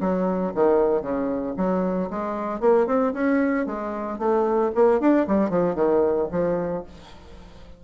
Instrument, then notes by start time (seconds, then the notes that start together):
bassoon
0.00 F#3
0.55 D#3
1.02 C#3
1.57 F#3
2.10 G#3
2.60 A#3
2.87 C4
3.13 C#4
3.66 G#3
4.18 A3
4.75 A#3
5.00 D4
5.28 G3
5.50 F3
5.75 D#3
6.31 F3